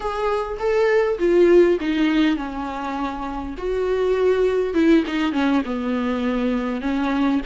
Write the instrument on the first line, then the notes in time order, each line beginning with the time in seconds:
viola
0.00 G#4
0.59 A4
1.19 F4
1.80 D#4
2.36 C#4
3.57 F#4
4.74 E4
5.07 D#4
5.32 C#4
5.65 B3
6.81 C#4